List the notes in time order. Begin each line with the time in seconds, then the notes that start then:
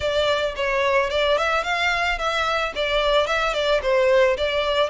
0.00 D5
0.56 C#5
1.10 D5
1.37 E5
1.63 F5
2.18 E5
2.75 D5
3.27 E5
3.53 D5
3.82 C5
4.37 D5